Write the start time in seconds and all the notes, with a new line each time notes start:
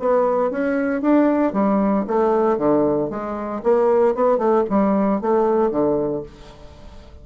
0.00 B3
0.51 C#4
1.02 D4
1.53 G3
2.08 A3
2.58 D3
3.10 G#3
3.64 A#3
4.15 B3
4.38 A3
4.70 G3
5.22 A3
5.71 D3